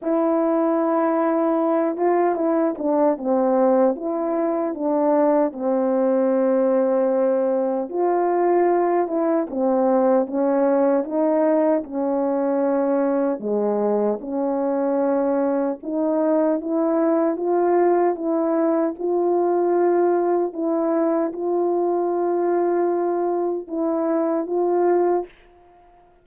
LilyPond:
\new Staff \with { instrumentName = "horn" } { \time 4/4 \tempo 4 = 76 e'2~ e'8 f'8 e'8 d'8 | c'4 e'4 d'4 c'4~ | c'2 f'4. e'8 | c'4 cis'4 dis'4 cis'4~ |
cis'4 gis4 cis'2 | dis'4 e'4 f'4 e'4 | f'2 e'4 f'4~ | f'2 e'4 f'4 | }